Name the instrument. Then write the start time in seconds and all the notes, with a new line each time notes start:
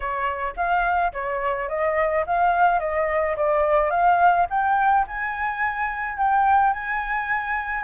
flute
0.00 C#5
0.56 F5
1.12 C#5
1.68 D#5
2.26 F5
2.79 D#5
3.36 D5
3.90 F5
4.50 G5
5.07 G#5
6.17 G5
6.73 G#5